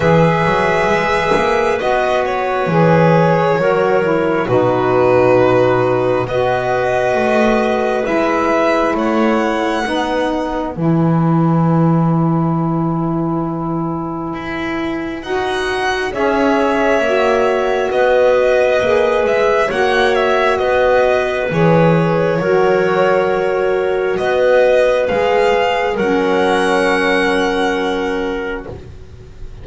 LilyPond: <<
  \new Staff \with { instrumentName = "violin" } { \time 4/4 \tempo 4 = 67 e''2 dis''8 cis''4.~ | cis''4 b'2 dis''4~ | dis''4 e''4 fis''2 | gis''1~ |
gis''4 fis''4 e''2 | dis''4. e''8 fis''8 e''8 dis''4 | cis''2. dis''4 | f''4 fis''2. | }
  \new Staff \with { instrumentName = "clarinet" } { \time 4/4 b'1 | ais'4 fis'2 b'4~ | b'2 cis''4 b'4~ | b'1~ |
b'2 cis''2 | b'2 cis''4 b'4~ | b'4 ais'2 b'4~ | b'4 ais'2. | }
  \new Staff \with { instrumentName = "saxophone" } { \time 4/4 gis'2 fis'4 gis'4 | fis'8 e'8 dis'2 fis'4~ | fis'4 e'2 dis'4 | e'1~ |
e'4 fis'4 gis'4 fis'4~ | fis'4 gis'4 fis'2 | gis'4 fis'2. | gis'4 cis'2. | }
  \new Staff \with { instrumentName = "double bass" } { \time 4/4 e8 fis8 gis8 ais8 b4 e4 | fis4 b,2 b4 | a4 gis4 a4 b4 | e1 |
e'4 dis'4 cis'4 ais4 | b4 ais8 gis8 ais4 b4 | e4 fis2 b4 | gis4 fis2. | }
>>